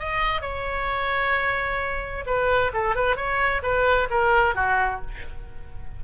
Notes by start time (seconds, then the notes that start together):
0.00 D#5
0.42 C#5
2.27 B4
2.74 A4
2.96 B4
3.16 C#5
3.63 B4
4.11 A#4
4.56 F#4